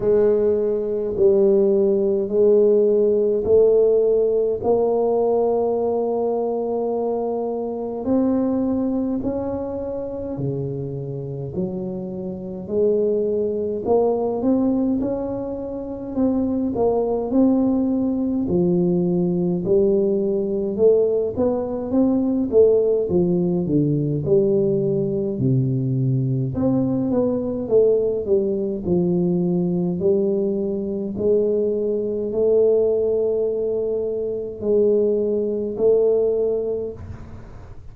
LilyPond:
\new Staff \with { instrumentName = "tuba" } { \time 4/4 \tempo 4 = 52 gis4 g4 gis4 a4 | ais2. c'4 | cis'4 cis4 fis4 gis4 | ais8 c'8 cis'4 c'8 ais8 c'4 |
f4 g4 a8 b8 c'8 a8 | f8 d8 g4 c4 c'8 b8 | a8 g8 f4 g4 gis4 | a2 gis4 a4 | }